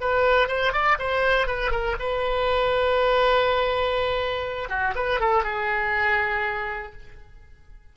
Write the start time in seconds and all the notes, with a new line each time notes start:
0.00 B4
0.48 C5
0.72 D5
0.98 C5
1.47 B4
1.71 A#4
1.99 B4
4.69 F#4
4.95 B4
5.20 A4
5.43 G#4